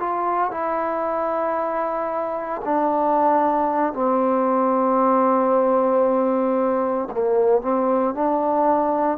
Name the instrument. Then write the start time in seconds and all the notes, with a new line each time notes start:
trombone
0.00 F4
0.51 E4
2.65 D4
3.93 C4
7.11 A#3
7.62 C4
8.15 D4